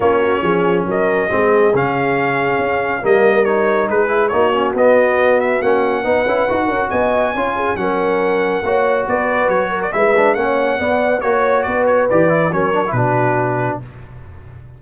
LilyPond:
<<
  \new Staff \with { instrumentName = "trumpet" } { \time 4/4 \tempo 4 = 139 cis''2 dis''2 | f''2. dis''4 | cis''4 b'4 cis''4 dis''4~ | dis''8 e''8 fis''2. |
gis''2 fis''2~ | fis''4 d''4 cis''8. d''16 e''4 | fis''2 cis''4 d''8 cis''8 | d''4 cis''4 b'2 | }
  \new Staff \with { instrumentName = "horn" } { \time 4/4 f'8 fis'8 gis'4 ais'4 gis'4~ | gis'2. ais'4~ | ais'4 gis'4 fis'2~ | fis'2 b'4. ais'8 |
dis''4 cis''8 gis'8 ais'2 | cis''4 b'4. ais'8 b'4 | cis''4 d''4 cis''4 b'4~ | b'4 ais'4 fis'2 | }
  \new Staff \with { instrumentName = "trombone" } { \time 4/4 cis'2. c'4 | cis'2. ais4 | dis'4. e'8 dis'8 cis'8 b4~ | b4 cis'4 dis'8 e'8 fis'4~ |
fis'4 f'4 cis'2 | fis'2. e'8 d'8 | cis'4 b4 fis'2 | g'8 e'8 cis'8 d'16 e'16 d'2 | }
  \new Staff \with { instrumentName = "tuba" } { \time 4/4 ais4 f4 fis4 gis4 | cis2 cis'4 g4~ | g4 gis4 ais4 b4~ | b4 ais4 b8 cis'8 dis'8 cis'8 |
b4 cis'4 fis2 | ais4 b4 fis4 gis4 | ais4 b4 ais4 b4 | e4 fis4 b,2 | }
>>